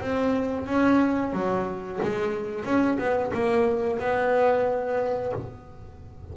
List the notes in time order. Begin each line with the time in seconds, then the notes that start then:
0.00 C4
0.66 C#4
1.32 F#3
2.02 G#3
2.65 C#4
2.98 B3
3.33 A#3
3.99 B3